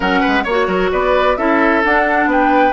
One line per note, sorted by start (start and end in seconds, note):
0.00 0.22 F#3
0.00 0.44 C#4
0.00 0.20 A#4
0.00 0.44 F#5
0.20 0.43 B4
0.27 0.45 G#3
0.43 0.67 A#3
0.43 0.66 C#5
0.43 0.90 C#5
0.50 1.37 F#4
0.67 0.90 F#3
0.67 0.90 A#4
0.92 1.37 B3
0.92 1.37 B4
0.92 1.36 D5
1.36 1.83 C#4
1.36 1.83 E4
1.36 2.29 A4
1.36 1.82 E5
1.83 2.72 D4
1.83 2.25 D4
1.83 2.30 F#5
2.25 2.71 B3
2.25 2.72 B4
2.25 2.72 G5